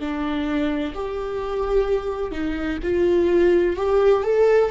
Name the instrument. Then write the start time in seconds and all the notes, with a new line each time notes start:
viola
0.00 D4
0.95 G4
2.32 D#4
2.83 F4
3.77 G4
4.24 A4